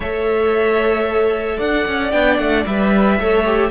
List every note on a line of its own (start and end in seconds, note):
0.00 1.58 A3
0.00 2.12 A4
0.00 1.57 C#5
0.00 1.59 E5
1.57 1.86 D4
1.57 3.16 D5
1.57 2.11 F#5
1.86 2.13 C#4
2.11 2.38 B3
2.11 2.65 D4
2.11 2.37 G5
2.37 2.65 A3
2.37 2.64 F#5
2.66 3.19 G3
2.66 3.20 B4
2.66 3.70 E5
3.19 3.70 A3
3.19 3.45 A4
3.19 3.70 C#5
3.45 3.70 G4